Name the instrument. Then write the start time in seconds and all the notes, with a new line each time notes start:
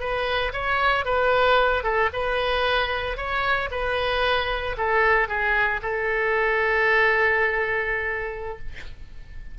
oboe
0.00 B4
0.53 C#5
1.06 B4
1.83 A4
2.14 B4
3.17 C#5
3.71 B4
4.78 A4
5.28 G#4
5.83 A4